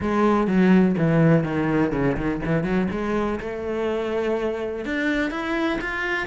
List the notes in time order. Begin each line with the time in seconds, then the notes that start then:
0.00 G#3
0.47 F#3
0.97 E3
1.43 D#3
1.92 C#3
2.17 D#3
2.45 E3
2.63 F#3
2.91 G#3
3.40 A3
4.85 D4
5.30 E4
5.81 F4